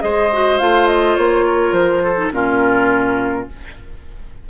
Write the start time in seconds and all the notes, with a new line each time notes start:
0.00 G#3 G#4 C5 D#5
0.32 F#4
0.58 A3 F4 F5
0.87 D#5
1.16 A#3 C#5
1.46 A#4
1.72 F3 C5
2.03 A4
2.16 D#4
2.32 A#2 C#4 F4 A#4